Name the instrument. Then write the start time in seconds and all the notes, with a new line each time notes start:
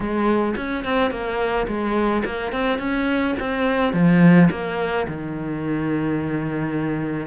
cello
0.00 G#3
0.56 C#4
0.84 C4
1.10 A#3
1.67 G#3
2.24 A#3
2.52 C4
2.79 C#4
3.39 C4
3.93 F3
4.50 A#3
5.07 D#3